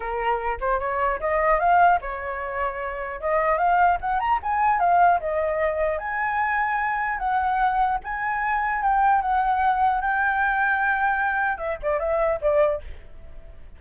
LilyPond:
\new Staff \with { instrumentName = "flute" } { \time 4/4 \tempo 4 = 150 ais'4. c''8 cis''4 dis''4 | f''4 cis''2. | dis''4 f''4 fis''8 ais''8 gis''4 | f''4 dis''2 gis''4~ |
gis''2 fis''2 | gis''2 g''4 fis''4~ | fis''4 g''2.~ | g''4 e''8 d''8 e''4 d''4 | }